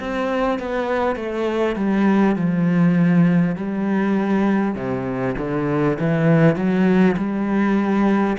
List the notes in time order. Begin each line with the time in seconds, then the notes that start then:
0.00 C4
0.59 B3
1.16 A3
1.76 G3
2.36 F3
3.56 G3
4.76 C3
5.38 D3
6.00 E3
6.56 F#3
7.17 G3